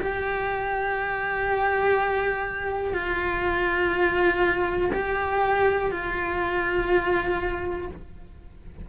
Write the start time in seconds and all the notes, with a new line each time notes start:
0.00 G4
2.94 F4
4.93 G4
5.91 F4